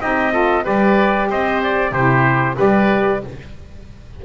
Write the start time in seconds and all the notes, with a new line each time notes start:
0.00 C4 D#4 G4 D#5
0.32 F4 A4
0.63 G3 G4 B4 D5
1.29 C4 C5 D#5
1.63 D5
1.91 C3 E4 G4 C5
2.55 G3 G4 B4 D5